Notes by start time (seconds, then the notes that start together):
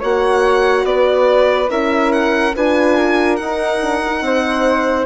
0.00 A#3 F#4 C#5 F#5
0.84 B3 B4 D5
1.68 C#4 E4 A#4 E5
2.12 F#5
2.56 D4 F4 B4 G#5
2.97 A#4
3.36 D#4 F#5
3.43 D#4
3.82 D4
4.06 D#4
4.21 C4 C5